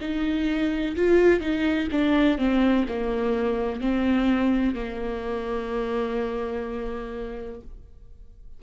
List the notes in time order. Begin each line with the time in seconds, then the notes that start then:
0.00 D#4
0.96 F4
1.40 D#4
1.92 D4
2.38 C4
2.88 A#3
3.81 C4
4.75 A#3